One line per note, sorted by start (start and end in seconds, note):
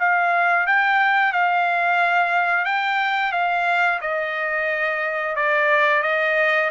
0.00 0.67 F5
0.67 1.33 G5
1.33 2.65 F5
2.65 3.33 G5
3.33 4.00 F5
4.02 5.36 D#5
5.36 6.03 D5
6.03 6.70 D#5